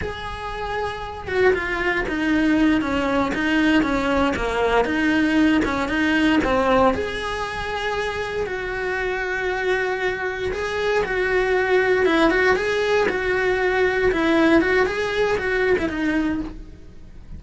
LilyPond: \new Staff \with { instrumentName = "cello" } { \time 4/4 \tempo 4 = 117 gis'2~ gis'8 fis'8 f'4 | dis'4. cis'4 dis'4 cis'8~ | cis'8 ais4 dis'4. cis'8 dis'8~ | dis'8 c'4 gis'2~ gis'8~ |
gis'8 fis'2.~ fis'8~ | fis'8 gis'4 fis'2 e'8 | fis'8 gis'4 fis'2 e'8~ | e'8 fis'8 gis'4 fis'8. e'16 dis'4 | }